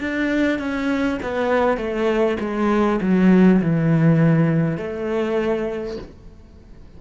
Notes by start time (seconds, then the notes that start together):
0.00 D4
0.58 C#4
1.22 B3
1.77 A3
2.39 G#3
3.01 F#3
3.61 E3
4.77 A3